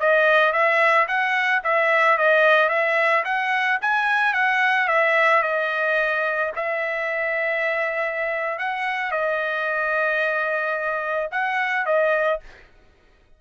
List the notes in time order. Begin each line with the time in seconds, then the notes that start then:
0.00 D#5
0.53 E5
1.08 F#5
1.64 E5
2.18 D#5
2.69 E5
3.25 F#5
3.81 G#5
4.34 F#5
4.88 E5
5.43 D#5
6.56 E5
8.59 F#5
9.12 D#5
11.32 F#5
11.86 D#5